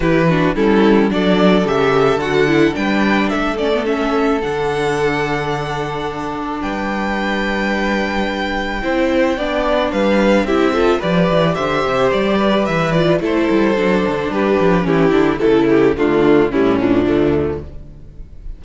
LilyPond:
<<
  \new Staff \with { instrumentName = "violin" } { \time 4/4 \tempo 4 = 109 b'4 a'4 d''4 e''4 | fis''4 g''4 e''8 d''8 e''4 | fis''1 | g''1~ |
g''2 f''4 e''4 | d''4 e''4 d''4 e''8 d''8 | c''2 b'4 g'4 | a'8 g'8 f'4 e'8 d'4. | }
  \new Staff \with { instrumentName = "violin" } { \time 4/4 g'8 fis'8 e'4 a'2~ | a'4 b'4 a'2~ | a'1 | b'1 |
c''4 d''4 b'4 g'8 a'8 | b'4 c''4. b'4. | a'2 g'4 e'4 | a4 d'4 cis'4 a4 | }
  \new Staff \with { instrumentName = "viola" } { \time 4/4 e'8 d'8 cis'4 d'4 g'4 | fis'8 e'8 d'4. cis'16 b16 cis'4 | d'1~ | d'1 |
e'4 d'2 e'8 f'8 | g'2.~ g'8 f'8 | e'4 d'2 cis'8 d'8 | e'4 a4 g8 f4. | }
  \new Staff \with { instrumentName = "cello" } { \time 4/4 e4 g4 fis4 cis4 | d4 g4 a2 | d1 | g1 |
c'4 b4 g4 c'4 | f8 e8 d8 c8 g4 e4 | a8 g8 fis8 d8 g8 f8 e8 d8 | cis4 d4 a,4 d,4 | }
>>